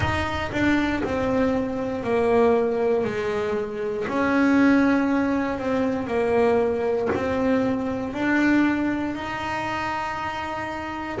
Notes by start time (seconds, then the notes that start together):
0.00 D#4
0.52 D4
1.04 C4
2.03 A#3
3.04 G#3
4.07 C#4
5.58 C4
6.07 A#3
7.14 C4
8.14 D4
9.15 D#4